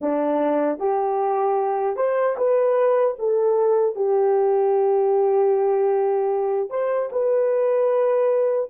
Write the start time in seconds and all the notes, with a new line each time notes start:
0.01 D4
0.79 G4
1.96 C5
2.37 B4
3.19 A4
3.95 G4
6.70 C5
7.12 B4